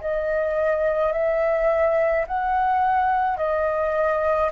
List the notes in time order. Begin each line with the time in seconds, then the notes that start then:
0.00 D#5
1.12 E5
2.27 F#5
3.37 D#5